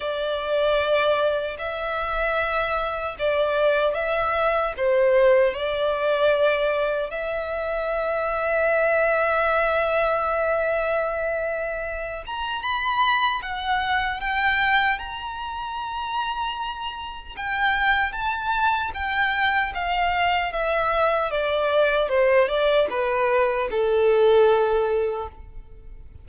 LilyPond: \new Staff \with { instrumentName = "violin" } { \time 4/4 \tempo 4 = 76 d''2 e''2 | d''4 e''4 c''4 d''4~ | d''4 e''2.~ | e''2.~ e''8 ais''8 |
b''4 fis''4 g''4 ais''4~ | ais''2 g''4 a''4 | g''4 f''4 e''4 d''4 | c''8 d''8 b'4 a'2 | }